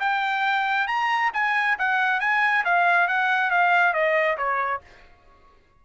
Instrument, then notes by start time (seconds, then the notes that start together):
trumpet
0.00 G5
0.87 A#5
1.34 G#5
1.79 F#5
2.20 G#5
2.65 F5
3.08 F#5
3.51 F5
3.93 D#5
4.37 C#5